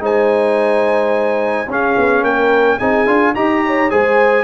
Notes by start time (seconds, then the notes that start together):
0.00 G#3 D#4 C5 G#5
1.67 C#4 G#4 F5
1.97 B3
2.22 A#3 A#4 G5
2.78 C4 D#4 G#4 G#5
3.07 D4 F4
3.35 D#4 G4 D#5 A#5
3.66 C#5
3.90 G#3 G#4 C5 G#5